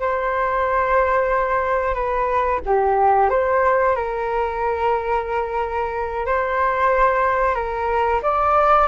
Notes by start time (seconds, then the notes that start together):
0.00 C5
1.95 B4
2.66 G4
3.30 C5
3.96 A#4
6.26 C5
7.55 A#4
8.23 D5